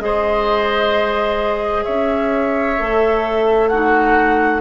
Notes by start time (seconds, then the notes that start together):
0.00 G#3 G#4 C5 D#5
1.84 C#4 C#5 E5
2.78 A3 A4
3.69 D#4 F#4 F#5